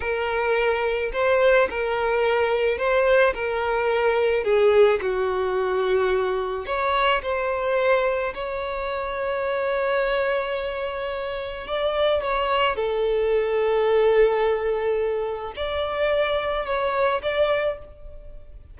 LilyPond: \new Staff \with { instrumentName = "violin" } { \time 4/4 \tempo 4 = 108 ais'2 c''4 ais'4~ | ais'4 c''4 ais'2 | gis'4 fis'2. | cis''4 c''2 cis''4~ |
cis''1~ | cis''4 d''4 cis''4 a'4~ | a'1 | d''2 cis''4 d''4 | }